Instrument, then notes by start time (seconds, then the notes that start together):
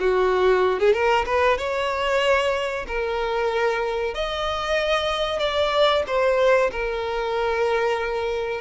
violin
0.00 F#4
0.79 G#4
0.93 A#4
1.26 B4
1.58 C#5
2.88 A#4
4.14 D#5
5.39 D5
6.07 C5
6.72 A#4